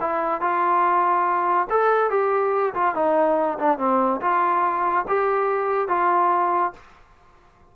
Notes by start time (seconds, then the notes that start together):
0.00 E4
0.41 F4
1.70 A4
2.10 G4
2.74 F4
2.95 D#4
3.59 D4
3.78 C4
4.21 F4
5.07 G4
5.88 F4